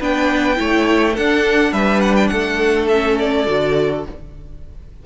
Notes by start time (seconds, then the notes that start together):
0.00 B3 D4 B4 G5
0.56 A3 E4 C#5
1.14 D4 A4 F#5
1.73 G3 B4 E5
2.01 F#5
2.16 G5
2.28 A3 A4 F#5
2.88 C#4 E5
3.19 D5
3.46 D3 F#4